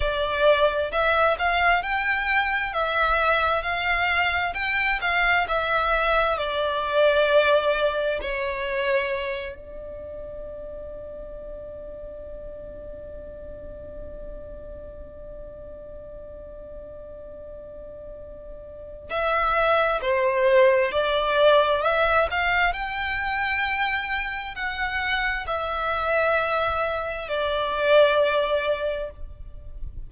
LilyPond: \new Staff \with { instrumentName = "violin" } { \time 4/4 \tempo 4 = 66 d''4 e''8 f''8 g''4 e''4 | f''4 g''8 f''8 e''4 d''4~ | d''4 cis''4. d''4.~ | d''1~ |
d''1~ | d''4 e''4 c''4 d''4 | e''8 f''8 g''2 fis''4 | e''2 d''2 | }